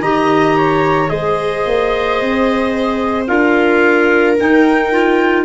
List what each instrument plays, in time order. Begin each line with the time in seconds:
0.00 tuba D#3, clarinet G4, viola D#5, trumpet A#5
0.57 viola C#5
1.08 tuba G#3, clarinet G#4, viola C5, trumpet D#5
1.66 tuba A#3
2.21 tuba C4
3.27 tuba D4, clarinet F4, viola A#4, trumpet F5
4.40 clarinet D#4, tuba D#4, trumpet G5
4.92 clarinet F4